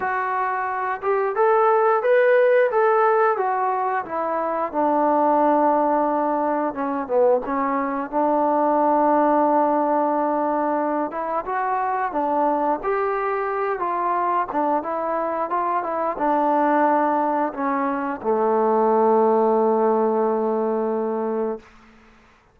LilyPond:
\new Staff \with { instrumentName = "trombone" } { \time 4/4 \tempo 4 = 89 fis'4. g'8 a'4 b'4 | a'4 fis'4 e'4 d'4~ | d'2 cis'8 b8 cis'4 | d'1~ |
d'8 e'8 fis'4 d'4 g'4~ | g'8 f'4 d'8 e'4 f'8 e'8 | d'2 cis'4 a4~ | a1 | }